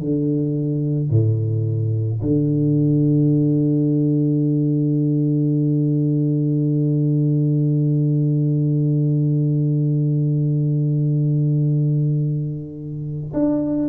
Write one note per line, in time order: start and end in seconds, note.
0.00 1.10 D3
1.10 2.21 A2
2.22 13.33 D3
13.33 13.89 D4